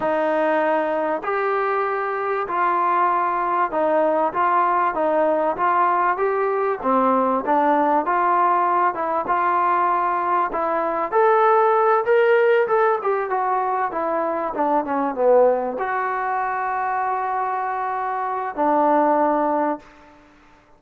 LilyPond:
\new Staff \with { instrumentName = "trombone" } { \time 4/4 \tempo 4 = 97 dis'2 g'2 | f'2 dis'4 f'4 | dis'4 f'4 g'4 c'4 | d'4 f'4. e'8 f'4~ |
f'4 e'4 a'4. ais'8~ | ais'8 a'8 g'8 fis'4 e'4 d'8 | cis'8 b4 fis'2~ fis'8~ | fis'2 d'2 | }